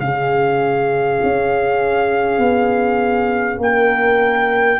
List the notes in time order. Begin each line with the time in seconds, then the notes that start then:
0.00 C#3 C#4 G#4 F5
1.23 C#4
2.39 B3
3.58 A#3 G5
3.65 A#4